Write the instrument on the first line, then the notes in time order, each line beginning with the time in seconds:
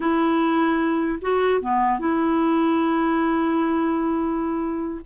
clarinet
0.00 E4
1.21 F#4
1.61 B3
1.99 E4